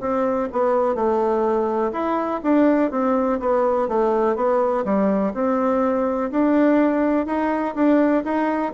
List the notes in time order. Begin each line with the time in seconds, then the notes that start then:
0.00 C4
0.51 B3
0.95 A3
1.92 E4
2.42 D4
2.91 C4
3.40 B3
3.88 A3
4.35 B3
4.84 G3
5.34 C4
6.31 D4
7.26 D#4
7.75 D4
8.23 D#4